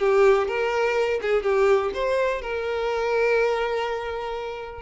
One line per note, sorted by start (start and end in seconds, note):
0.00 0.48 G4
0.48 1.21 A#4
1.22 1.43 G#4
1.43 1.92 G4
1.95 2.42 C5
2.42 4.82 A#4